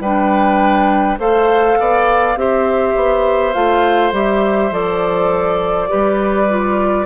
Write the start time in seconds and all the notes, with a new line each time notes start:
0.00 G3 D4 B4 G5
1.18 A3 A4 C5 F5
1.79 B3 D5
2.36 C4 G4 C5 E5
2.95 B3
3.53 A3 F4 F5
4.12 G3 G4 E5
4.71 F3 A4 D5
5.88 G3 G4 B4
6.49 F4